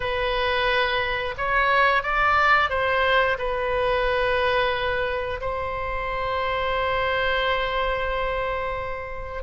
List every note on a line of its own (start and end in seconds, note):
0.00 1.34 B4
1.37 2.03 C#5
2.03 2.69 D5
2.69 3.37 C5
3.38 5.40 B4
5.41 9.43 C5